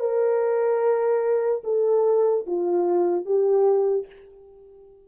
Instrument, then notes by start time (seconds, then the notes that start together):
horn
0.00 A#4
1.64 A4
2.47 F4
3.25 G4